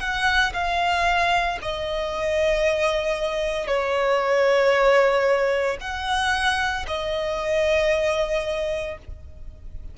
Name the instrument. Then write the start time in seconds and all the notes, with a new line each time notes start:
violin
0.00 F#5
0.53 F5
1.62 D#5
3.67 C#5
5.80 F#5
6.87 D#5